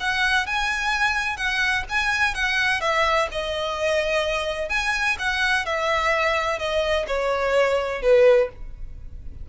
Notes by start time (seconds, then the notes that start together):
0.00 F#5
0.47 G#5
1.37 F#5
1.89 G#5
2.34 F#5
2.81 E5
3.32 D#5
4.69 G#5
5.19 F#5
5.65 E5
6.59 D#5
7.07 C#5
8.02 B4